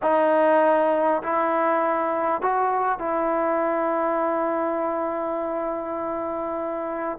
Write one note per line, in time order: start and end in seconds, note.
0.02 1.22 D#4
1.22 2.41 E4
2.41 2.98 F#4
2.98 7.18 E4